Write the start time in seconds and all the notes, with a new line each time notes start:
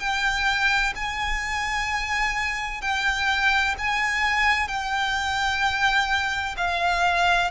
0.00 G5
0.96 G#5
2.82 G5
3.79 G#5
4.68 G5
6.58 F5